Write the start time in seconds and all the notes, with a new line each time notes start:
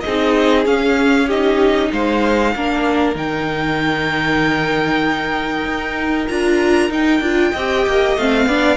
0.00 G#4 D#5
0.06 C4 D#4
0.65 C#4 F5
1.27 D#4 G4 D#5
1.92 G#3 C5 F5
2.55 A#3 D4 A#4
3.15 D#3 D#4 G5
5.65 D#4
6.28 D4 F4 A#5
6.89 D#4 G5
7.20 D4 F4
7.51 C4 D#5
7.58 G4
7.86 A#3
8.16 A3 C4 F5
8.46 B3 D4 D5